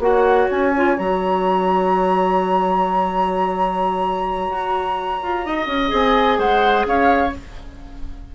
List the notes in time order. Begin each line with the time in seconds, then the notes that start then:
0.00 A#3 F#4 C#5 F#5
0.51 C#4 G#5
0.77 F4
0.97 F#3 F#4 A#5
4.50 F#4
5.23 F4
5.46 D#4 D#5
5.67 C#4
5.88 C4 G#4
5.95 G#5
6.38 G#3 C5 F#5
6.86 C#4 C#5 F5